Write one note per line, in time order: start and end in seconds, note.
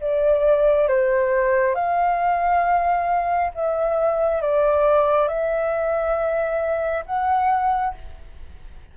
0.00 0.88 D5
0.88 1.75 C5
1.75 3.51 F5
3.54 4.42 E5
4.42 5.28 D5
5.28 7.04 E5
7.06 7.94 F#5